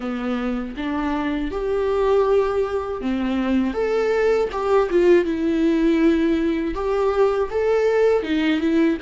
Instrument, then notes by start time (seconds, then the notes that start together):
viola
0.00 B3
0.77 D4
1.51 G4
3.01 C4
3.73 A4
4.51 G4
4.90 F4
5.24 E4
6.74 G4
7.50 A4
8.22 D#4
8.60 E4